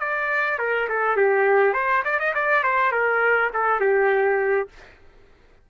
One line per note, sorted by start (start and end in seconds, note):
0.00 0.59 D5
0.59 0.88 A#4
0.89 1.17 A4
1.17 1.74 G4
1.74 2.03 C5
2.05 2.20 D5
2.20 2.34 D#5
2.35 2.64 D5
2.64 2.92 C5
2.92 3.51 A#4
3.53 3.80 A4
3.80 4.69 G4